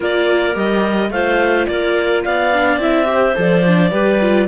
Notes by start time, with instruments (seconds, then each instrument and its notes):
0.00 cello A#3, viola F4, clarinet A#4 D5
0.53 cello G3, viola G4, clarinet D#5
1.10 cello A3, viola F4, clarinet C5 F5
1.66 cello A#3, clarinet A#4 D5
2.24 cello B3, clarinet D5 F5
2.53 viola D4
2.77 cello C4, viola E4, clarinet E5
3.04 viola G4
3.13 clarinet C5
3.35 cello F3, viola A4, clarinet D5
3.67 viola D4
3.91 cello G3, viola G4, clarinet B4
4.20 viola F4